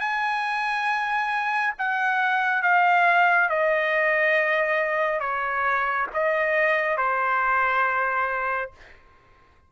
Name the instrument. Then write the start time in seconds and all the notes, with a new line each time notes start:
trumpet
0.00 G#5
1.78 F#5
2.62 F5
3.49 D#5
5.20 C#5
6.13 D#5
6.97 C5